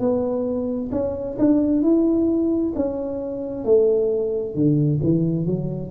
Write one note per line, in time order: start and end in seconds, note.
0.00 0.91 B3
0.92 1.38 C#4
1.39 1.83 D4
1.83 2.74 E4
2.76 3.65 C#4
3.65 4.55 A3
4.55 5.00 D3
5.03 5.47 E3
5.47 5.91 F#3